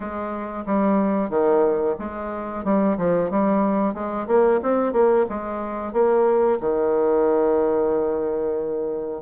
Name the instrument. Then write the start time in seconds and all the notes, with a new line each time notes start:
bassoon
0.00 G#3
0.66 G3
1.29 D#3
1.98 G#3
2.64 G3
2.97 F3
3.30 G3
3.94 G#3
4.27 A#3
4.62 C4
4.92 A#3
5.29 G#3
5.93 A#3
6.60 D#3